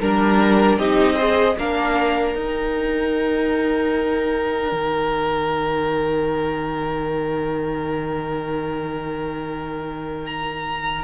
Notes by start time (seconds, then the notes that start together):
0.00 G3 D4 A#4
0.77 C4 D#4 G4 D#5
1.15 G#4 C5
1.58 A#3 D4 A#4 F5
2.35 D#4 G5
4.72 D#3
10.26 A#5